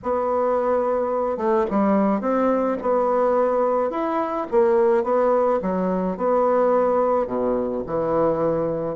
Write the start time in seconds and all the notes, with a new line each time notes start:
0.02 B3
1.37 A3
1.70 G3
2.20 C4
2.81 B3
3.90 E4
4.51 A#3
5.03 B3
5.62 F#3
6.17 B3
7.26 B2
7.86 E3